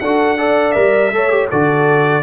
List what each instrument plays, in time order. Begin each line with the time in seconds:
0.00 tuba D4, trombone F#4, horn A4, trumpet F#5
0.38 trombone A4, horn D5
0.72 tuba G3, trombone A#4, trumpet E5
1.11 tuba A3, trombone A4, horn C#5
1.30 trombone G4
1.49 tuba D3, trombone F#4, horn A4, trumpet D5